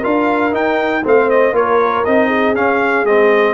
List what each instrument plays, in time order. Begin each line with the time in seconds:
0.00 tuba D4, trombone F4, horn A#4, trumpet F5
0.52 trombone D#4, tuba D#4, trumpet G5
1.04 tuba A3, trombone C4, horn C5, trumpet F5
1.30 trumpet D#5
1.52 tuba A#3, trombone F4, horn A#4, trumpet C#5
2.05 tuba C4, trombone D#4, trumpet D#5
2.27 horn G#4
2.54 tuba C#4, trombone C#4, trumpet F5
3.04 tuba G#3, trombone C4, trumpet D#5